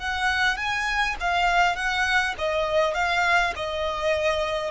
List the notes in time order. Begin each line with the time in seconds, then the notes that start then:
0.00 F#5
0.57 G#5
1.20 F5
1.76 F#5
2.39 D#5
2.95 F5
3.56 D#5